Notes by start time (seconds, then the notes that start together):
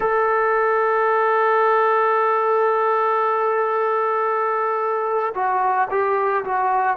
0.00 A4
5.34 F#4
5.90 G4
6.44 F#4